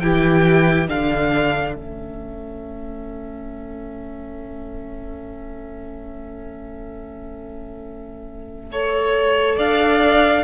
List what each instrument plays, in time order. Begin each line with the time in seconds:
0.00 cello E3, viola E4, violin G4 G5
0.87 cello D3, viola D4, violin A4 F5
1.73 cello A3, viola C#4, violin E5
8.72 viola A4, violin C#5
9.56 cello D4, violin D5 F5